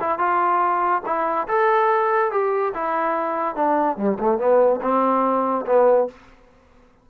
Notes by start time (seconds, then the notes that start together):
0.00 E4
0.18 F4
1.05 E4
1.48 A4
2.31 G4
2.74 E4
3.55 D4
3.97 G3
4.19 A3
4.38 B3
4.81 C4
5.66 B3